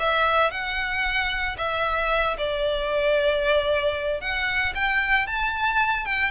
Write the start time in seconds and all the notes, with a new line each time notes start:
0.00 E5
0.51 F#5
1.58 E5
2.38 D5
4.21 F#5
4.75 G5
5.27 A5
6.06 G5